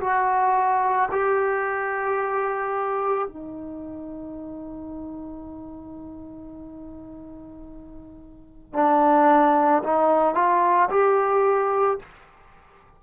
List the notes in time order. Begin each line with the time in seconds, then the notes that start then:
0.00 F#4
1.11 G4
3.27 D#4
8.73 D4
9.83 D#4
10.34 F4
10.89 G4